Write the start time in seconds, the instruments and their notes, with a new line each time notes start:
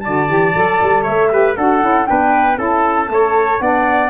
0.00 saxophone F#4, trumpet D5, flute A5
0.07 tuba D3
0.28 tuba E3, saxophone G4
0.55 tuba F#3, saxophone A4
0.82 tuba G3
1.03 tuba A3, trumpet C#5, flute E5
1.30 saxophone G4, trumpet B4
1.57 tuba D4, saxophone F#4, trumpet A4, flute F#5
1.81 tuba C#4, saxophone E4
2.06 tuba B3, saxophone D4, trumpet B4, flute G5
2.56 tuba C#4, saxophone E4, trumpet A4, flute A5
3.09 tuba A3, saxophone A4, trumpet C#5
3.59 tuba B3, saxophone D4, trumpet D5, flute F#5